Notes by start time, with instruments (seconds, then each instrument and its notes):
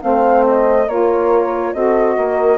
0.00 bassoon A3, saxophone C4, horn C5, flute F5
0.46 flute D#5
0.87 bassoon A#3, saxophone F4, horn A#4, flute C#5
1.73 bassoon C4, saxophone F#4, horn A4, flute D#5
2.17 bassoon A#3, horn A#4